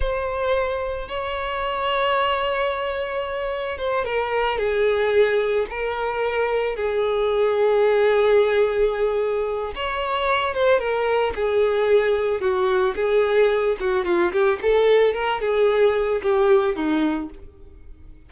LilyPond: \new Staff \with { instrumentName = "violin" } { \time 4/4 \tempo 4 = 111 c''2 cis''2~ | cis''2. c''8 ais'8~ | ais'8 gis'2 ais'4.~ | ais'8 gis'2.~ gis'8~ |
gis'2 cis''4. c''8 | ais'4 gis'2 fis'4 | gis'4. fis'8 f'8 g'8 a'4 | ais'8 gis'4. g'4 dis'4 | }